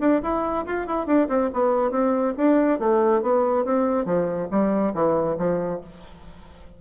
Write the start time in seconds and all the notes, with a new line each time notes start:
0.00 D4
0.22 E4
0.66 F4
0.87 E4
1.06 D4
1.28 C4
1.53 B3
1.91 C4
2.37 D4
2.79 A3
3.22 B3
3.65 C4
4.05 F3
4.50 G3
4.94 E3
5.38 F3